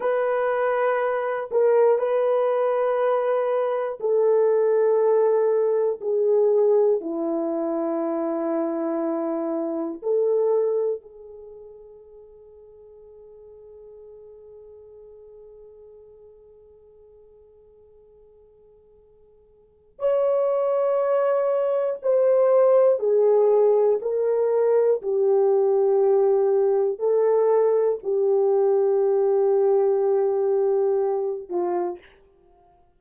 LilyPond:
\new Staff \with { instrumentName = "horn" } { \time 4/4 \tempo 4 = 60 b'4. ais'8 b'2 | a'2 gis'4 e'4~ | e'2 a'4 gis'4~ | gis'1~ |
gis'1 | cis''2 c''4 gis'4 | ais'4 g'2 a'4 | g'2.~ g'8 f'8 | }